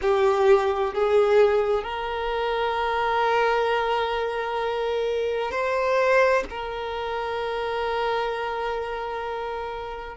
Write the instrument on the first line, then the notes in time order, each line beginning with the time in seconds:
violin
0.01 G4
0.94 G#4
1.83 A#4
5.51 C5
6.50 A#4